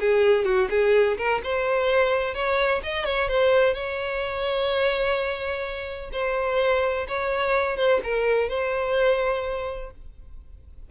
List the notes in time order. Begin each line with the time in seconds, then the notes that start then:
0.00 G#4
0.45 F#4
0.70 G#4
1.18 A#4
1.44 C5
2.35 C#5
2.83 D#5
3.05 C#5
3.28 C5
3.74 C#5
6.12 C5
7.08 C#5
7.77 C5
8.04 A#4
8.49 C5